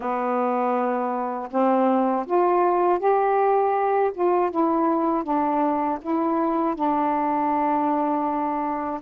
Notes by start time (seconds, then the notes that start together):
0.00 B3
1.50 C4
2.26 F4
2.99 G4
4.14 F4
4.50 E4
5.23 D4
6.01 E4
6.75 D4